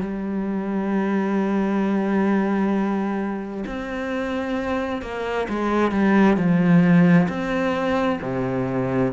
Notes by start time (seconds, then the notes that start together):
0.00 G3
3.66 C4
5.02 A#3
5.49 G#3
5.91 G3
6.36 F3
7.28 C4
8.21 C3